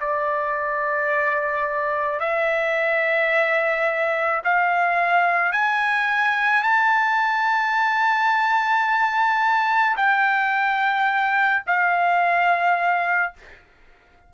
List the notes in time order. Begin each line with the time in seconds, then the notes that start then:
0.00 D5
2.20 E5
4.44 F5
5.52 G#5
6.63 A5
9.96 G5
11.67 F5